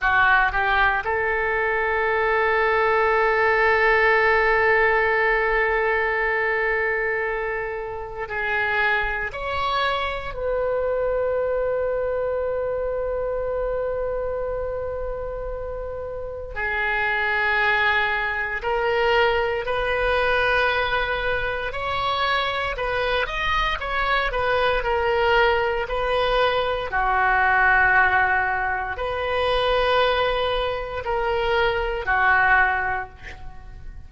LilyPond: \new Staff \with { instrumentName = "oboe" } { \time 4/4 \tempo 4 = 58 fis'8 g'8 a'2.~ | a'1 | gis'4 cis''4 b'2~ | b'1 |
gis'2 ais'4 b'4~ | b'4 cis''4 b'8 dis''8 cis''8 b'8 | ais'4 b'4 fis'2 | b'2 ais'4 fis'4 | }